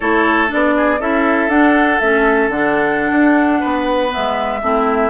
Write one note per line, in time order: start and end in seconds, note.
0.00 0.51 A3
0.00 0.48 E4
0.00 0.74 A4
0.00 0.50 C#5
0.48 0.99 B3
0.48 0.98 D4
0.48 1.00 D5
0.76 0.99 G#4
0.99 1.48 C#4
0.99 1.50 E4
0.99 3.60 A4
0.99 1.49 E5
1.48 1.98 D4
1.48 2.00 D4
1.48 1.99 F#5
1.99 2.48 A3
1.99 2.52 C#4
1.99 2.49 E5
2.48 3.11 D3
2.48 4.09 D4
2.48 4.13 F#5
3.11 3.61 D4
3.60 4.14 B3
3.60 4.60 B4
4.09 4.59 B3
4.09 5.09 E5
4.16 4.62 G#3
4.62 5.09 A3
4.62 5.09 C4
4.62 5.09 E4